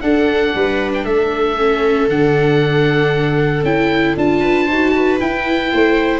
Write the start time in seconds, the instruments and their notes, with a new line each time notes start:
0.00 tuba D4, viola D4 A4, oboe F#5
0.55 tuba G3, viola B4
0.94 oboe G5
1.04 tuba A3, viola A4, oboe E5
1.57 viola C#4
2.08 tuba D3, viola D4, oboe F#5
3.62 tuba C#4, viola E4, oboe G5
4.16 tuba D4, viola F4, oboe A5
4.40 viola B4
4.66 tuba D#4, viola C5
4.72 viola F#4
4.95 viola B4
5.19 viola E4, tuba E4, oboe G5
5.71 tuba A3, viola C5